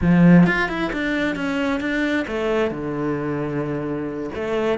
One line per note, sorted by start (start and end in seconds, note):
0.01 0.46 F3
0.46 0.68 F4
0.68 0.91 E4
0.92 1.35 D4
1.35 1.80 C#4
1.80 2.25 D4
2.27 2.70 A3
2.70 4.30 D3
4.34 4.78 A3